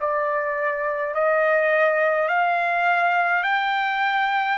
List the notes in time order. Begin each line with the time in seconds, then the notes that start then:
0.00 D5
1.14 D#5
2.28 F5
3.43 G5